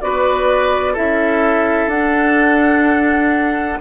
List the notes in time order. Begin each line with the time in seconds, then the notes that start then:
0.00 B3 F#4 B4 D5
0.92 C#4 E4 A4 E5
1.87 D4 F#5